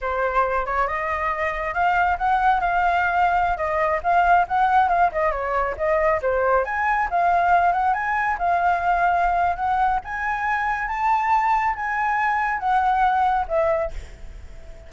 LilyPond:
\new Staff \with { instrumentName = "flute" } { \time 4/4 \tempo 4 = 138 c''4. cis''8 dis''2 | f''4 fis''4 f''2~ | f''16 dis''4 f''4 fis''4 f''8 dis''16~ | dis''16 cis''4 dis''4 c''4 gis''8.~ |
gis''16 f''4. fis''8 gis''4 f''8.~ | f''2 fis''4 gis''4~ | gis''4 a''2 gis''4~ | gis''4 fis''2 e''4 | }